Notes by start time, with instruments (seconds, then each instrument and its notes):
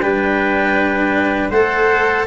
0.00 tuba G3, cello D4, trumpet B4, clarinet G5
1.50 tuba A3, cello A4, trumpet C5, clarinet F#5